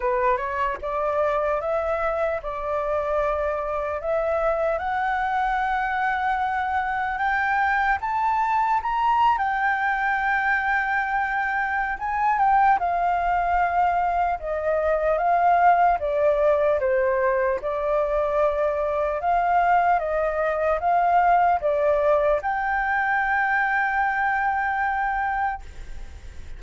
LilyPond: \new Staff \with { instrumentName = "flute" } { \time 4/4 \tempo 4 = 75 b'8 cis''8 d''4 e''4 d''4~ | d''4 e''4 fis''2~ | fis''4 g''4 a''4 ais''8. g''16~ | g''2. gis''8 g''8 |
f''2 dis''4 f''4 | d''4 c''4 d''2 | f''4 dis''4 f''4 d''4 | g''1 | }